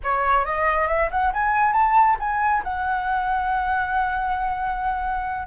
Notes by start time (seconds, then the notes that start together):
0.03 C#5
0.45 D#5
0.87 E5
1.10 F#5
1.33 G#5
1.73 A5
2.19 G#5
2.63 F#5